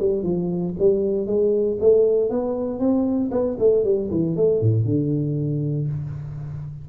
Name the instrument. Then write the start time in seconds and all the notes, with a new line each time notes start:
tuba
0.00 G3
0.23 F3
0.79 G3
1.27 G#3
1.80 A3
2.30 B3
2.79 C4
3.31 B3
3.59 A3
3.84 G3
4.10 E3
4.36 A3
4.61 A2
4.85 D3